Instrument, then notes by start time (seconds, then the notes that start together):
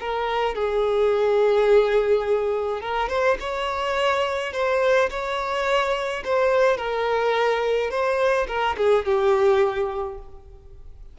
violin
0.00 A#4
0.55 G#4
2.81 A#4
3.09 C5
3.40 C#5
4.53 C5
5.10 C#5
6.24 C5
6.77 A#4
7.90 C5
8.48 A#4
8.77 G#4
9.05 G4